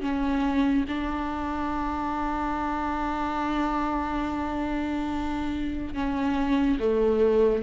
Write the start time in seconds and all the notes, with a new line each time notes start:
0.00 C#4
0.88 D4
5.94 C#4
6.79 A3